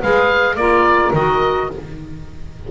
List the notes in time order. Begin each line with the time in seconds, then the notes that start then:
0.00 G#3 G#4 B4 F5
0.55 A#3 F4 A#4 D5
1.13 D#3 F#4 D#5